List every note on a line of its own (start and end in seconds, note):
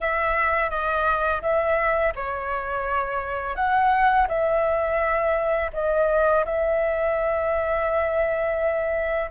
0.01 0.70 E5
0.70 1.41 D#5
1.42 2.13 E5
2.15 3.55 C#5
3.55 4.27 F#5
4.28 5.70 E5
5.73 6.44 D#5
6.44 9.30 E5